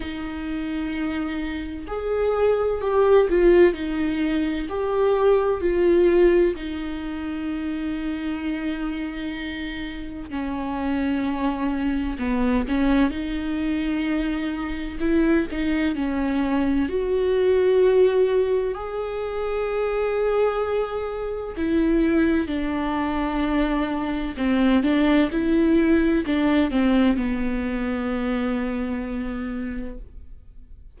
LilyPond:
\new Staff \with { instrumentName = "viola" } { \time 4/4 \tempo 4 = 64 dis'2 gis'4 g'8 f'8 | dis'4 g'4 f'4 dis'4~ | dis'2. cis'4~ | cis'4 b8 cis'8 dis'2 |
e'8 dis'8 cis'4 fis'2 | gis'2. e'4 | d'2 c'8 d'8 e'4 | d'8 c'8 b2. | }